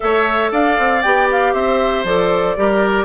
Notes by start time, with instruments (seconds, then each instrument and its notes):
0.00 bassoon A3, clarinet A4, oboe C#5, flute E5
0.51 bassoon D4, oboe D5, flute F5
0.78 bassoon C4
1.02 bassoon B3, clarinet G4, flute G5
1.31 flute F5
1.53 bassoon C4, oboe C5, flute E5
2.04 bassoon F3, clarinet A4, flute D5
2.56 bassoon G3, clarinet G4, oboe A#4